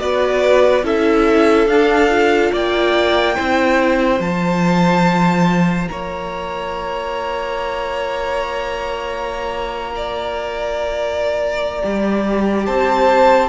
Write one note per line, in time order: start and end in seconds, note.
0.00 0.83 B3
0.00 0.84 F#4
0.00 0.85 B4
0.00 0.85 D5
0.83 1.67 C#4
0.83 1.68 E4
0.83 2.52 A4
0.83 1.68 E5
1.67 2.51 D4
1.67 2.10 D4
1.67 2.52 F5
2.10 3.36 F4
2.52 3.37 A#3
2.52 3.36 D5
2.52 4.21 G5
3.36 4.20 C4
3.36 4.19 E4
3.36 5.89 C5
4.19 5.89 F3
4.19 11.80 F4
4.19 5.89 A5
5.89 11.83 A#3
5.89 9.93 C#5
5.89 12.65 A#5
9.96 12.67 D5
11.83 12.68 G3
11.83 13.50 G4
12.66 13.50 C4
12.66 13.50 C5
12.66 13.50 A5